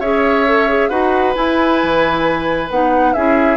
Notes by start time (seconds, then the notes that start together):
0.00 C#4 G#4 C#5 E5
0.46 A4
0.69 G#4
0.89 D#4 F#4 B4 F#5
1.34 E4 G#5
1.83 E3
2.70 B3 D#4 F#5
3.13 C#4 E4 G#4 E5